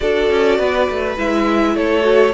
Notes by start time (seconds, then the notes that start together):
0.00 D4 F#4 A4 D5
0.30 C#4
0.58 B3 B4
0.89 A3
1.17 G#3 E4 E5
1.75 A3 A4 C#5
2.01 F#4